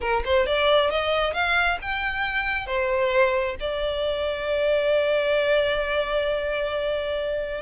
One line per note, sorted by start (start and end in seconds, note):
0.00 0.23 A#4
0.24 0.46 C5
0.46 0.90 D5
0.90 1.33 D#5
1.33 1.78 F5
1.81 2.66 G5
2.66 3.56 C5
3.60 7.61 D5